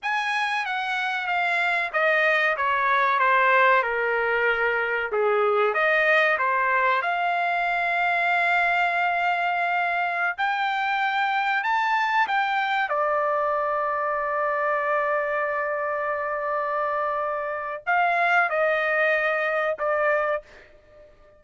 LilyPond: \new Staff \with { instrumentName = "trumpet" } { \time 4/4 \tempo 4 = 94 gis''4 fis''4 f''4 dis''4 | cis''4 c''4 ais'2 | gis'4 dis''4 c''4 f''4~ | f''1~ |
f''16 g''2 a''4 g''8.~ | g''16 d''2.~ d''8.~ | d''1 | f''4 dis''2 d''4 | }